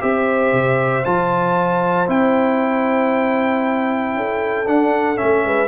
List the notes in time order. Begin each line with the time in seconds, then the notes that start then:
0.00 C4 G4 C5 E5
0.52 C3
1.04 F3 F4 A5
2.07 C4 E4 G5
4.14 C#4 A4
4.66 D4 F#5
5.15 C#4 E5
5.22 A3
5.44 G#3 B4